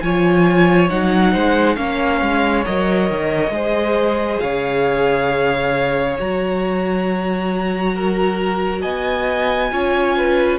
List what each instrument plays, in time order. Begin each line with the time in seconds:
0.00 cello F3, viola F4, violin C#5 G#5
0.89 cello F#3, viola D#4, violin F#5
1.31 cello G#3, violin C5
1.75 cello A#3, viola C#4, violin C#5 F5
2.21 cello G#3
2.65 cello F#3, viola A#4, violin D#5
3.10 cello D#3
3.49 cello G#3, viola G#4, violin C5
4.39 cello C#3, violin C#5 F5
6.19 cello F#3, viola F#4, violin A#5
7.94 violin A#4
8.81 cello B3, violin D#5 G#5
9.71 cello C#4, viola F4, violin C#5
10.16 violin B4